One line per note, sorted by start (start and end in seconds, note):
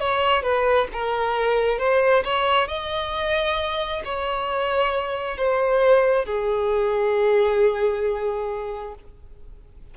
0.00 0.43 C#5
0.43 0.88 B4
0.93 1.79 A#4
1.79 2.24 C5
2.25 2.68 C#5
2.68 4.03 D#5
4.05 5.38 C#5
5.38 6.26 C5
6.26 8.95 G#4